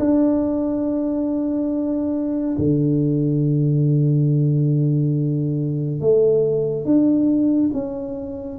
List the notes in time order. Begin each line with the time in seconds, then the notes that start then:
0.00 D4
2.58 D3
6.01 A3
6.85 D4
7.74 C#4